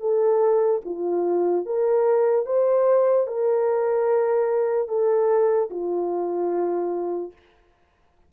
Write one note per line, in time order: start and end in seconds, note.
0.00 0.81 A4
0.85 1.66 F4
1.66 2.46 A#4
2.46 3.27 C5
3.27 4.88 A#4
4.88 5.69 A4
5.70 7.32 F4